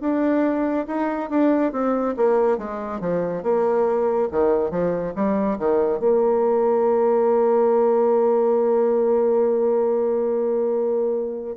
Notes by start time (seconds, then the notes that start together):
0.00 D4
0.86 D#4
1.29 D4
1.72 C4
2.16 A#3
2.58 G#3
3.00 F3
3.42 A#3
4.31 D#3
4.70 F3
5.15 G3
5.58 D#3
5.99 A#3